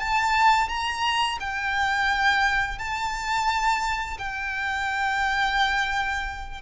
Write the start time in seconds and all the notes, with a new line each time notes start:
0.00 A5
0.69 A#5
1.40 G5
2.78 A5
4.19 G5